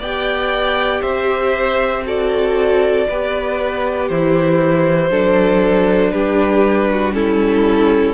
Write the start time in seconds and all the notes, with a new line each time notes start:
0.00 B3 G4 D5 G5
1.02 C4 C5 E5
2.06 F#4 A4 D5
3.09 B3 G4 B4
4.09 E3 E4 C5
5.11 F#3 D4 A4
6.12 G3 G4 B4
6.91 F#4
7.13 C#4 E4 A4